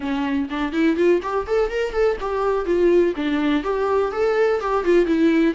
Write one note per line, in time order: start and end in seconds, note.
0.00 0.48 C#4
0.50 0.72 D4
0.72 0.96 E4
0.96 1.20 F4
1.22 1.46 G4
1.46 1.70 A4
1.70 1.92 A#4
1.92 2.16 A4
2.20 2.65 G4
2.65 3.14 F4
3.16 3.63 D4
3.63 4.12 G4
4.12 4.60 A4
4.60 4.84 G4
4.84 5.06 F4
5.06 5.54 E4